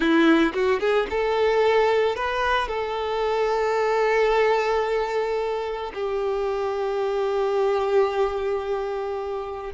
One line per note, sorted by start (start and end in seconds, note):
0.00 0.53 E4
0.54 0.80 F#4
0.80 1.07 G#4
1.10 2.15 A4
2.15 2.68 B4
2.68 5.92 A4
5.94 9.72 G4